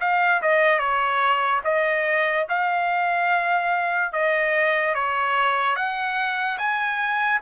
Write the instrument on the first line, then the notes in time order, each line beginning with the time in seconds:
trumpet
0.00 F5
0.41 D#5
0.78 C#5
1.64 D#5
2.48 F5
4.12 D#5
4.94 C#5
5.75 F#5
6.58 G#5